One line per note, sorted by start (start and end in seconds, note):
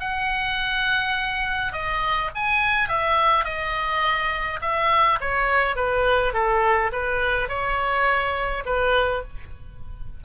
0.00 1.73 F#5
1.73 2.30 D#5
2.35 2.88 G#5
2.88 3.45 E5
3.45 4.60 D#5
4.61 5.19 E5
5.21 5.76 C#5
5.76 6.34 B4
6.34 6.91 A4
6.92 7.48 B4
7.48 8.64 C#5
8.65 9.23 B4